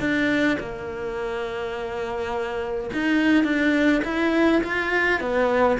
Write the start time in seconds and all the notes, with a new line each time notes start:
0.00 D4
0.60 A#3
2.93 D#4
3.44 D4
4.04 E4
4.64 F4
5.20 B3